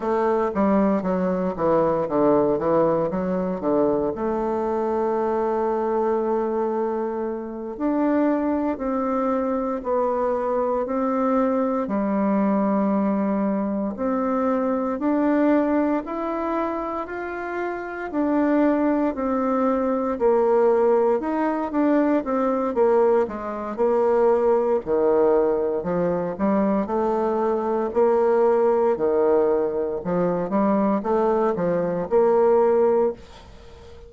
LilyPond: \new Staff \with { instrumentName = "bassoon" } { \time 4/4 \tempo 4 = 58 a8 g8 fis8 e8 d8 e8 fis8 d8 | a2.~ a8 d'8~ | d'8 c'4 b4 c'4 g8~ | g4. c'4 d'4 e'8~ |
e'8 f'4 d'4 c'4 ais8~ | ais8 dis'8 d'8 c'8 ais8 gis8 ais4 | dis4 f8 g8 a4 ais4 | dis4 f8 g8 a8 f8 ais4 | }